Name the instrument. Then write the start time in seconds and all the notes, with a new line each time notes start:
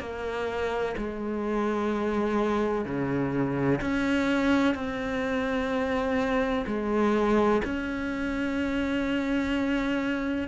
cello
0.00 A#3
0.97 G#3
2.85 C#3
3.81 C#4
4.74 C4
6.67 G#3
7.65 C#4